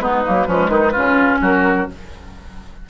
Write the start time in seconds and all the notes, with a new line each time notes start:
0.00 G#3 B3 D#4 B4
0.25 F#3 A#3
0.47 F3 G#3 C#4
0.69 D#3 D#4
0.92 C#3 C#4 F4
1.41 F#3 F#4 A#4